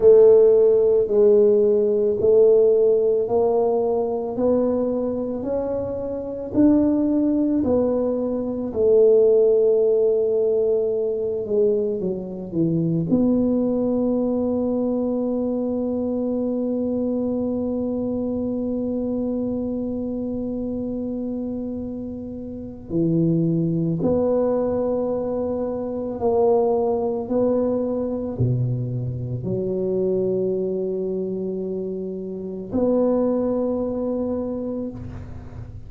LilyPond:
\new Staff \with { instrumentName = "tuba" } { \time 4/4 \tempo 4 = 55 a4 gis4 a4 ais4 | b4 cis'4 d'4 b4 | a2~ a8 gis8 fis8 e8 | b1~ |
b1~ | b4 e4 b2 | ais4 b4 b,4 fis4~ | fis2 b2 | }